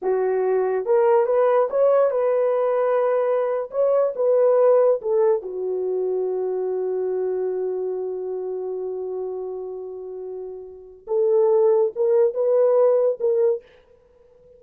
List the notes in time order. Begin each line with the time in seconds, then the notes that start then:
0.02 F#4
0.85 A#4
1.26 B4
1.70 C#5
2.11 B4
3.71 C#5
4.15 B4
5.01 A4
5.42 F#4
11.07 A4
11.95 A#4
12.33 B4
13.20 A#4